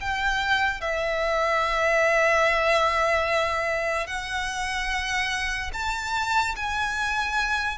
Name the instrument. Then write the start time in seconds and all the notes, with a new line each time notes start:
violin
0.00 G5
0.80 E5
4.06 F#5
5.73 A5
6.55 G#5